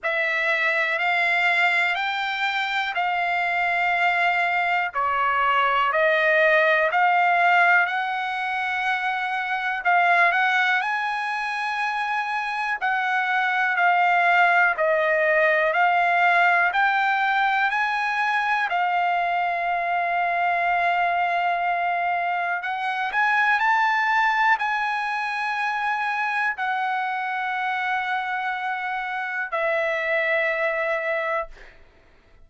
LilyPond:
\new Staff \with { instrumentName = "trumpet" } { \time 4/4 \tempo 4 = 61 e''4 f''4 g''4 f''4~ | f''4 cis''4 dis''4 f''4 | fis''2 f''8 fis''8 gis''4~ | gis''4 fis''4 f''4 dis''4 |
f''4 g''4 gis''4 f''4~ | f''2. fis''8 gis''8 | a''4 gis''2 fis''4~ | fis''2 e''2 | }